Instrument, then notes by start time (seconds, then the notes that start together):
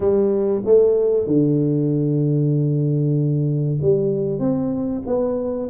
tuba
0.00 G3
0.65 A3
1.26 D3
3.81 G3
4.39 C4
5.06 B3